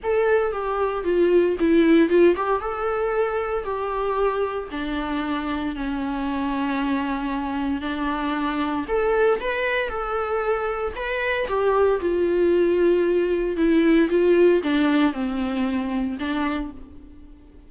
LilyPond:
\new Staff \with { instrumentName = "viola" } { \time 4/4 \tempo 4 = 115 a'4 g'4 f'4 e'4 | f'8 g'8 a'2 g'4~ | g'4 d'2 cis'4~ | cis'2. d'4~ |
d'4 a'4 b'4 a'4~ | a'4 b'4 g'4 f'4~ | f'2 e'4 f'4 | d'4 c'2 d'4 | }